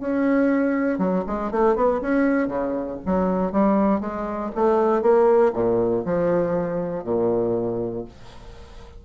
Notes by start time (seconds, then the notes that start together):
0.00 C#4
0.99 F#3
1.27 G#3
1.51 A3
1.76 B3
2.01 C#4
2.48 C#3
3.05 F#3
3.52 G3
4.00 G#3
4.55 A3
5.02 A#3
5.53 A#2
6.05 F3
7.04 A#2